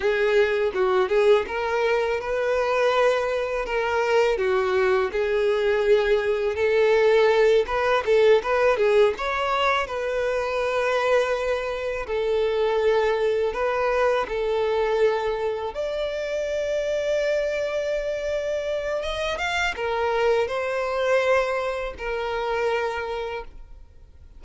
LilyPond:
\new Staff \with { instrumentName = "violin" } { \time 4/4 \tempo 4 = 82 gis'4 fis'8 gis'8 ais'4 b'4~ | b'4 ais'4 fis'4 gis'4~ | gis'4 a'4. b'8 a'8 b'8 | gis'8 cis''4 b'2~ b'8~ |
b'8 a'2 b'4 a'8~ | a'4. d''2~ d''8~ | d''2 dis''8 f''8 ais'4 | c''2 ais'2 | }